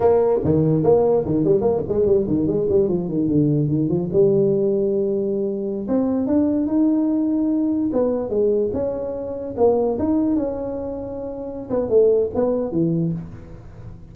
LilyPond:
\new Staff \with { instrumentName = "tuba" } { \time 4/4 \tempo 4 = 146 ais4 dis4 ais4 dis8 g8 | ais8 gis8 g8 dis8 gis8 g8 f8 dis8 | d4 dis8 f8 g2~ | g2~ g16 c'4 d'8.~ |
d'16 dis'2. b8.~ | b16 gis4 cis'2 ais8.~ | ais16 dis'4 cis'2~ cis'8.~ | cis'8 b8 a4 b4 e4 | }